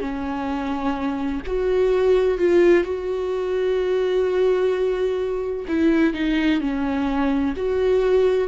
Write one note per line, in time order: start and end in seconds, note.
0.00 1.41 C#4
1.47 2.38 F#4
2.38 2.84 F4
2.84 5.65 F#4
5.68 6.14 E4
6.14 6.61 D#4
6.61 7.54 C#4
7.56 8.48 F#4